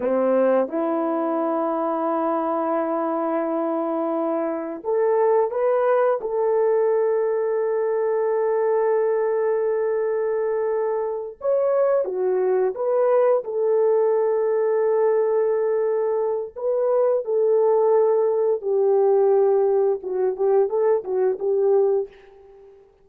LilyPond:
\new Staff \with { instrumentName = "horn" } { \time 4/4 \tempo 4 = 87 c'4 e'2.~ | e'2. a'4 | b'4 a'2.~ | a'1~ |
a'8 cis''4 fis'4 b'4 a'8~ | a'1 | b'4 a'2 g'4~ | g'4 fis'8 g'8 a'8 fis'8 g'4 | }